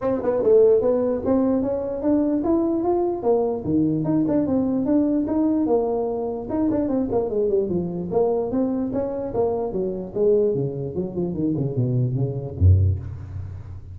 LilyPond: \new Staff \with { instrumentName = "tuba" } { \time 4/4 \tempo 4 = 148 c'8 b8 a4 b4 c'4 | cis'4 d'4 e'4 f'4 | ais4 dis4 dis'8 d'8 c'4 | d'4 dis'4 ais2 |
dis'8 d'8 c'8 ais8 gis8 g8 f4 | ais4 c'4 cis'4 ais4 | fis4 gis4 cis4 fis8 f8 | dis8 cis8 b,4 cis4 fis,4 | }